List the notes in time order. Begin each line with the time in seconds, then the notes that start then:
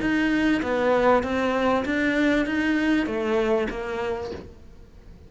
0.00 D#4
0.62 B3
1.23 C4
1.85 D4
2.46 D#4
3.06 A3
3.70 A#3